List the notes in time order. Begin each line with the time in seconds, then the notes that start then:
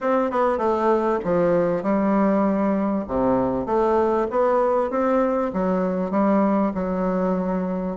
0.00 C4
0.30 B3
0.58 A3
1.24 F3
1.82 G3
3.07 C3
3.66 A3
4.30 B3
4.90 C4
5.53 F#3
6.11 G3
6.74 F#3